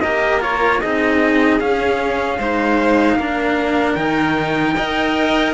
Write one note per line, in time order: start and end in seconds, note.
0.00 0.82 A#3
0.00 0.40 G4
0.00 0.81 A#4
0.00 0.39 D#5
0.40 0.80 F4
0.40 0.80 C#5
0.80 1.60 C4
0.80 1.60 D#4
0.80 2.38 G#4
0.80 1.59 D#5
1.60 2.38 C#4
1.60 2.39 C#4
1.60 3.94 F5
2.38 3.16 G#3
2.38 3.19 D#4
2.38 3.17 C5
3.16 3.95 A#3
3.16 3.98 D4
3.16 4.75 A#4
3.94 4.75 D#3
3.94 4.75 D#4
3.94 5.52 G5
4.75 5.54 D#4
4.75 5.54 A#4
4.75 5.54 D#5